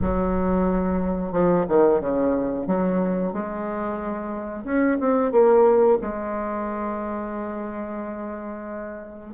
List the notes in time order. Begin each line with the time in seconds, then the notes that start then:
0.01 F#3
1.32 F3
1.68 D#3
2.00 C#3
2.66 F#3
3.32 G#3
4.64 C#4
4.99 C4
5.31 A#3
6.01 G#3